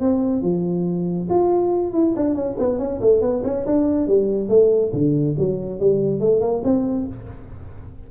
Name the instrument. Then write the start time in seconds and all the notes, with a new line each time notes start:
tuba
0.00 C4
0.42 F3
1.30 F4
1.93 E4
2.16 D4
2.35 C#4
2.59 B3
2.79 C#4
3.01 A3
3.21 B3
3.44 C#4
3.66 D4
4.07 G3
4.49 A3
4.93 D3
5.38 F#3
5.80 G3
6.20 A3
6.41 A#3
6.64 C4